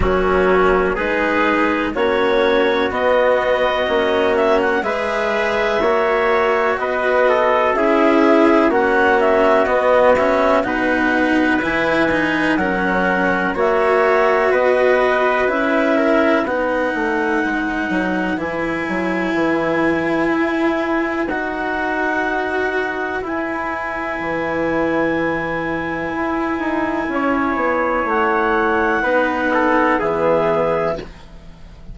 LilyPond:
<<
  \new Staff \with { instrumentName = "clarinet" } { \time 4/4 \tempo 4 = 62 fis'4 b'4 cis''4 dis''4~ | dis''8 e''16 fis''16 e''2 dis''4 | e''4 fis''8 e''8 dis''8 e''8 fis''4 | gis''4 fis''4 e''4 dis''4 |
e''4 fis''2 gis''4~ | gis''2 fis''2 | gis''1~ | gis''4 fis''2 e''4 | }
  \new Staff \with { instrumentName = "trumpet" } { \time 4/4 cis'4 gis'4 fis'2~ | fis'4 b'4 cis''4 b'8 a'8 | gis'4 fis'2 b'4~ | b'4 ais'4 cis''4 b'4~ |
b'8 ais'8 b'2.~ | b'1~ | b'1 | cis''2 b'8 a'8 gis'4 | }
  \new Staff \with { instrumentName = "cello" } { \time 4/4 ais4 dis'4 cis'4 b4 | cis'4 gis'4 fis'2 | e'4 cis'4 b8 cis'8 dis'4 | e'8 dis'8 cis'4 fis'2 |
e'4 dis'2 e'4~ | e'2 fis'2 | e'1~ | e'2 dis'4 b4 | }
  \new Staff \with { instrumentName = "bassoon" } { \time 4/4 fis4 gis4 ais4 b4 | ais4 gis4 ais4 b4 | cis'4 ais4 b4 b,4 | e4 fis4 ais4 b4 |
cis'4 b8 a8 gis8 fis8 e8 fis8 | e4 e'4 dis'2 | e'4 e2 e'8 dis'8 | cis'8 b8 a4 b4 e4 | }
>>